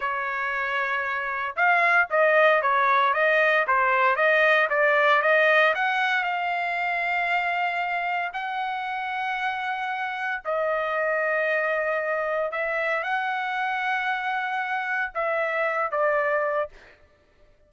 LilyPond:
\new Staff \with { instrumentName = "trumpet" } { \time 4/4 \tempo 4 = 115 cis''2. f''4 | dis''4 cis''4 dis''4 c''4 | dis''4 d''4 dis''4 fis''4 | f''1 |
fis''1 | dis''1 | e''4 fis''2.~ | fis''4 e''4. d''4. | }